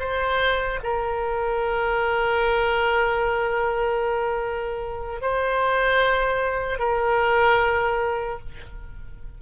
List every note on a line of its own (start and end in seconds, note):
0.00 0.80 C5
0.84 5.22 A#4
5.22 6.79 C5
6.79 8.39 A#4